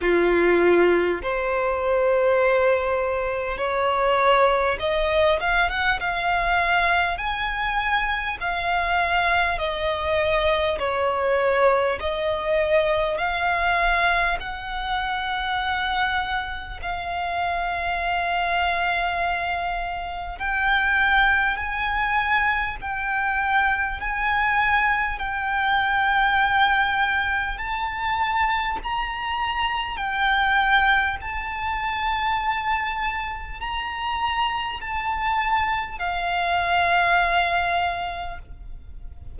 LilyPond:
\new Staff \with { instrumentName = "violin" } { \time 4/4 \tempo 4 = 50 f'4 c''2 cis''4 | dis''8 f''16 fis''16 f''4 gis''4 f''4 | dis''4 cis''4 dis''4 f''4 | fis''2 f''2~ |
f''4 g''4 gis''4 g''4 | gis''4 g''2 a''4 | ais''4 g''4 a''2 | ais''4 a''4 f''2 | }